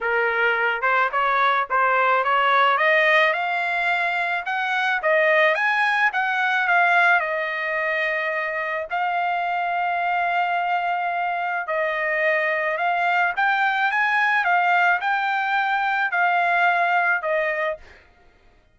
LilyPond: \new Staff \with { instrumentName = "trumpet" } { \time 4/4 \tempo 4 = 108 ais'4. c''8 cis''4 c''4 | cis''4 dis''4 f''2 | fis''4 dis''4 gis''4 fis''4 | f''4 dis''2. |
f''1~ | f''4 dis''2 f''4 | g''4 gis''4 f''4 g''4~ | g''4 f''2 dis''4 | }